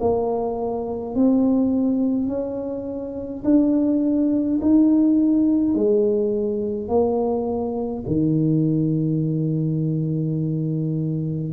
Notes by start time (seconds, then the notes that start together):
0.00 A#3
1.15 C4
2.28 C#4
3.45 D4
4.62 D#4
5.75 G#3
6.88 A#3
8.07 D#3